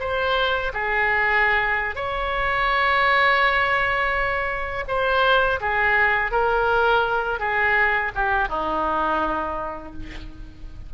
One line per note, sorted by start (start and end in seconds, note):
0.00 0.72 C5
0.74 1.96 G#4
1.96 4.85 C#5
4.88 5.60 C5
5.61 6.32 G#4
6.32 7.40 A#4
7.40 8.12 G#4
8.15 8.49 G4
8.49 9.93 D#4